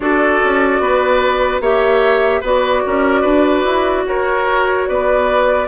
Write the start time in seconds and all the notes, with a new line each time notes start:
0.00 D4 F#4 A4 D5
0.44 C#4
0.79 B3 B4
1.60 A#3 G4 C#5 E5
2.40 B3 F#4 B4 D5
2.86 C#4 A#4
3.21 D4 B4
3.64 E4
4.06 F#4 A#4 C#5
4.87 B3 B4 D5